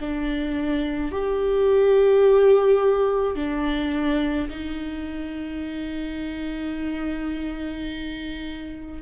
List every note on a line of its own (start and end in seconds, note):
0.00 1.12 D4
1.12 3.36 G4
3.36 4.49 D4
4.50 9.02 D#4